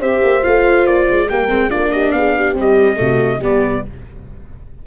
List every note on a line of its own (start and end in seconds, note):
0.00 0.22 C4
0.00 0.43 G4
0.00 1.28 C5
0.00 0.44 E5
0.23 0.45 A#3
0.43 0.87 A3
0.43 1.28 F4
0.43 0.86 F5
0.86 1.08 A#3
0.86 1.29 D5
1.10 1.29 G#3
1.29 1.49 G3
1.29 1.49 A#3
1.29 1.70 A#4
1.29 1.71 G5
1.49 1.70 G#3
1.49 1.70 C4
1.70 2.13 A#3
1.70 2.55 D4
1.70 1.91 F4
1.70 1.91 D5
1.91 2.14 G4
1.91 2.12 D#5
2.12 2.53 B3
2.12 2.37 G#4
2.12 2.54 F5
2.37 2.99 G4
2.53 2.96 G3
2.53 2.96 C4
2.60 3.44 D#5
2.96 3.39 C3
2.96 3.39 A3
2.96 3.39 F#4
3.39 3.81 G3
3.39 3.84 B3
3.39 3.82 G4
3.39 3.87 D5